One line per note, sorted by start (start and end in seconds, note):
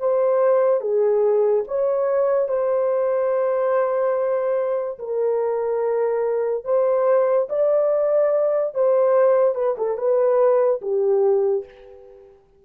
0.00 0.81 C5
0.81 1.65 G#4
1.68 2.49 C#5
2.49 4.99 C5
4.99 6.65 A#4
6.65 7.48 C5
7.50 8.75 D5
8.75 9.55 C5
9.55 9.76 B4
9.78 9.98 A4
9.98 10.81 B4
10.82 11.66 G4